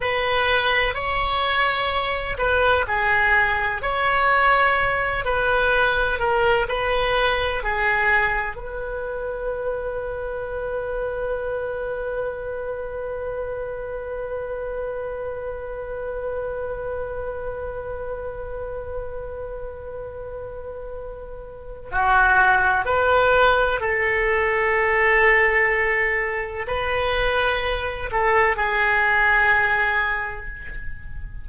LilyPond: \new Staff \with { instrumentName = "oboe" } { \time 4/4 \tempo 4 = 63 b'4 cis''4. b'8 gis'4 | cis''4. b'4 ais'8 b'4 | gis'4 b'2.~ | b'1~ |
b'1~ | b'2. fis'4 | b'4 a'2. | b'4. a'8 gis'2 | }